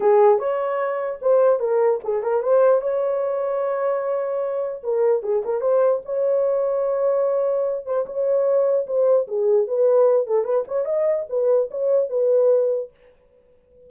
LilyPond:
\new Staff \with { instrumentName = "horn" } { \time 4/4 \tempo 4 = 149 gis'4 cis''2 c''4 | ais'4 gis'8 ais'8 c''4 cis''4~ | cis''1 | ais'4 gis'8 ais'8 c''4 cis''4~ |
cis''2.~ cis''8 c''8 | cis''2 c''4 gis'4 | b'4. a'8 b'8 cis''8 dis''4 | b'4 cis''4 b'2 | }